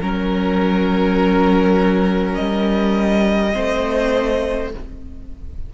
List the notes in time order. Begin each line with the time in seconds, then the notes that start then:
0.00 F#3 C#4 A#4
2.34 G3 D#5
3.52 A3 C4 C5